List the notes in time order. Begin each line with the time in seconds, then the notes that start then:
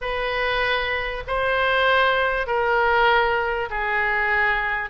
0.01 B4
1.27 C5
2.46 A#4
3.70 G#4